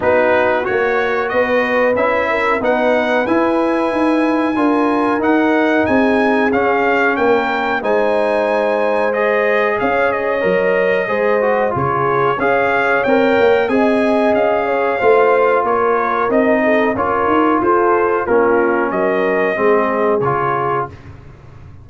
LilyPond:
<<
  \new Staff \with { instrumentName = "trumpet" } { \time 4/4 \tempo 4 = 92 b'4 cis''4 dis''4 e''4 | fis''4 gis''2. | fis''4 gis''4 f''4 g''4 | gis''2 dis''4 f''8 dis''8~ |
dis''2 cis''4 f''4 | g''4 gis''4 f''2 | cis''4 dis''4 cis''4 c''4 | ais'4 dis''2 cis''4 | }
  \new Staff \with { instrumentName = "horn" } { \time 4/4 fis'2 b'4. ais'8 | b'2. ais'4~ | ais'4 gis'2 ais'4 | c''2. cis''4~ |
cis''4 c''4 gis'4 cis''4~ | cis''4 dis''4. cis''8 c''4 | ais'4. a'8 ais'4 a'4 | f'4 ais'4 gis'2 | }
  \new Staff \with { instrumentName = "trombone" } { \time 4/4 dis'4 fis'2 e'4 | dis'4 e'2 f'4 | dis'2 cis'2 | dis'2 gis'2 |
ais'4 gis'8 fis'8 f'4 gis'4 | ais'4 gis'2 f'4~ | f'4 dis'4 f'2 | cis'2 c'4 f'4 | }
  \new Staff \with { instrumentName = "tuba" } { \time 4/4 b4 ais4 b4 cis'4 | b4 e'4 dis'4 d'4 | dis'4 c'4 cis'4 ais4 | gis2. cis'4 |
fis4 gis4 cis4 cis'4 | c'8 ais8 c'4 cis'4 a4 | ais4 c'4 cis'8 dis'8 f'4 | ais4 fis4 gis4 cis4 | }
>>